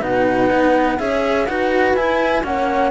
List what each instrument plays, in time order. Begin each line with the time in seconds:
0.00 cello B2 D#4, horn B4, flute F#5
0.51 cello B3
0.98 cello C#4 G#4, horn C#5, flute E5
1.46 cello D#4 F#4, horn B4, flute F#5
1.94 cello E4, flute G#5
2.44 cello A#3 C#4, horn C#5, flute F#5